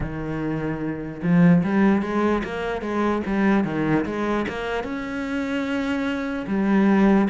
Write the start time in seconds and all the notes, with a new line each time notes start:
0.00 D#3
1.22 F3
1.63 G3
2.02 G#3
2.44 A#3
2.81 G#3
3.26 G3
3.64 D#3
4.05 G#3
4.48 A#3
4.83 C#4
6.46 G3